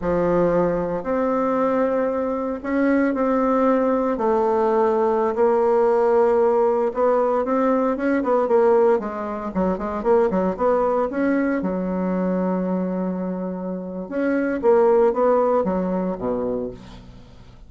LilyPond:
\new Staff \with { instrumentName = "bassoon" } { \time 4/4 \tempo 4 = 115 f2 c'2~ | c'4 cis'4 c'2 | a2~ a16 ais4.~ ais16~ | ais4~ ais16 b4 c'4 cis'8 b16~ |
b16 ais4 gis4 fis8 gis8 ais8 fis16~ | fis16 b4 cis'4 fis4.~ fis16~ | fis2. cis'4 | ais4 b4 fis4 b,4 | }